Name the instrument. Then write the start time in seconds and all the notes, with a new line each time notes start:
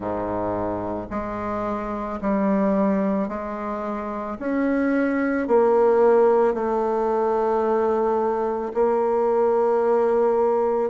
bassoon
0.00 G#2
1.10 G#3
2.21 G3
3.28 G#3
4.39 C#4
5.47 A#3
6.54 A3
8.74 A#3